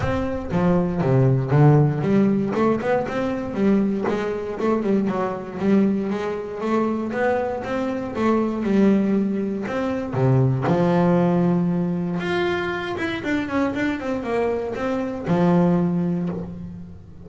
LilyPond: \new Staff \with { instrumentName = "double bass" } { \time 4/4 \tempo 4 = 118 c'4 f4 c4 d4 | g4 a8 b8 c'4 g4 | gis4 a8 g8 fis4 g4 | gis4 a4 b4 c'4 |
a4 g2 c'4 | c4 f2. | f'4. e'8 d'8 cis'8 d'8 c'8 | ais4 c'4 f2 | }